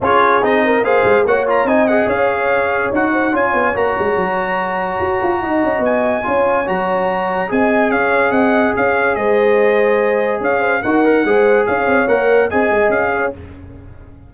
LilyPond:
<<
  \new Staff \with { instrumentName = "trumpet" } { \time 4/4 \tempo 4 = 144 cis''4 dis''4 f''4 fis''8 ais''8 | gis''8 fis''8 f''2 fis''4 | gis''4 ais''2.~ | ais''2 gis''2 |
ais''2 gis''4 f''4 | fis''4 f''4 dis''2~ | dis''4 f''4 fis''2 | f''4 fis''4 gis''4 f''4 | }
  \new Staff \with { instrumentName = "horn" } { \time 4/4 gis'4. ais'8 c''4 cis''4 | dis''4 cis''2~ cis''8 c''8 | cis''1~ | cis''4 dis''2 cis''4~ |
cis''2 dis''4 cis''4 | dis''4 cis''4 c''2~ | c''4 cis''8 c''8 ais'4 c''4 | cis''2 dis''4. cis''8 | }
  \new Staff \with { instrumentName = "trombone" } { \time 4/4 f'4 dis'4 gis'4 fis'8 f'8 | dis'8 gis'2~ gis'8 fis'4 | f'4 fis'2.~ | fis'2. f'4 |
fis'2 gis'2~ | gis'1~ | gis'2 fis'8 ais'8 gis'4~ | gis'4 ais'4 gis'2 | }
  \new Staff \with { instrumentName = "tuba" } { \time 4/4 cis'4 c'4 ais8 gis8 ais4 | c'4 cis'2 dis'4 | cis'8 b8 ais8 gis8 fis2 | fis'8 f'8 dis'8 cis'8 b4 cis'4 |
fis2 c'4 cis'4 | c'4 cis'4 gis2~ | gis4 cis'4 dis'4 gis4 | cis'8 c'8 ais4 c'8 gis8 cis'4 | }
>>